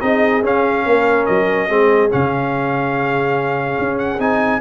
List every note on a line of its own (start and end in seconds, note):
0.00 0.43 C4
0.00 0.42 D#4
0.00 0.84 G#4
0.00 0.42 D#5
0.43 1.69 C#4
0.43 0.85 C#4
0.43 1.25 F5
0.84 1.27 A#3
0.84 1.68 A#4
1.25 1.69 F#3
1.25 2.09 D#5
1.68 2.11 G#3
1.68 2.09 C4
1.68 4.61 G#4
2.09 3.78 C#3
2.09 4.19 C#4
2.09 3.98 F5
3.78 4.18 C#4
3.98 4.19 F#5
4.18 4.60 C4
4.18 4.61 D#4
4.18 4.61 G#5